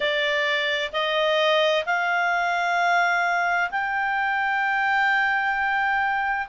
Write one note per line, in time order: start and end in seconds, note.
0.00 0.91 D5
0.92 1.85 D#5
1.85 3.70 F5
3.70 6.47 G5